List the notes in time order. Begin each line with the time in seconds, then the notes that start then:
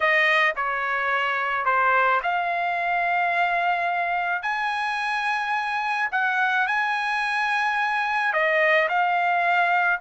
0.00 D#5
0.56 C#5
1.65 C5
2.22 F5
4.42 G#5
6.11 F#5
6.67 G#5
8.33 D#5
8.89 F5